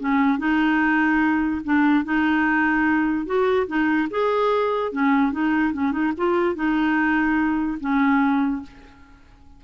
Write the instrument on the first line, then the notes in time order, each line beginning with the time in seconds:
clarinet
0.00 C#4
0.39 D#4
1.65 D4
2.05 D#4
3.26 F#4
3.68 D#4
4.11 G#4
4.92 C#4
5.32 D#4
5.74 C#4
5.92 D#4
6.18 F4
6.55 D#4
7.81 C#4